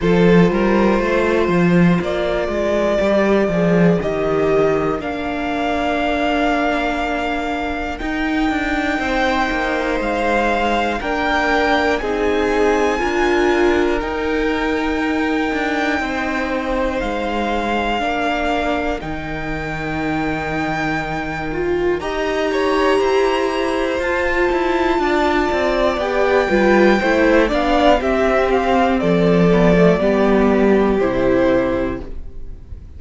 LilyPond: <<
  \new Staff \with { instrumentName = "violin" } { \time 4/4 \tempo 4 = 60 c''2 d''2 | dis''4 f''2. | g''2 f''4 g''4 | gis''2 g''2~ |
g''4 f''2 g''4~ | g''2 ais''2 | a''2 g''4. f''8 | e''8 f''8 d''2 c''4 | }
  \new Staff \with { instrumentName = "violin" } { \time 4/4 a'8 ais'8 c''4. ais'4.~ | ais'1~ | ais'4 c''2 ais'4 | gis'4 ais'2. |
c''2 ais'2~ | ais'2 dis''8 cis''8 c''4~ | c''4 d''4. b'8 c''8 d''8 | g'4 a'4 g'2 | }
  \new Staff \with { instrumentName = "viola" } { \time 4/4 f'2. g'8 gis'8 | g'4 d'2. | dis'2. d'4 | dis'4 f'4 dis'2~ |
dis'2 d'4 dis'4~ | dis'4. f'8 g'2 | f'2 g'8 f'8 e'8 d'8 | c'4. b16 a16 b4 e'4 | }
  \new Staff \with { instrumentName = "cello" } { \time 4/4 f8 g8 a8 f8 ais8 gis8 g8 f8 | dis4 ais2. | dis'8 d'8 c'8 ais8 gis4 ais4 | c'4 d'4 dis'4. d'8 |
c'4 gis4 ais4 dis4~ | dis2 dis'4 e'4 | f'8 e'8 d'8 c'8 b8 g8 a8 b8 | c'4 f4 g4 c4 | }
>>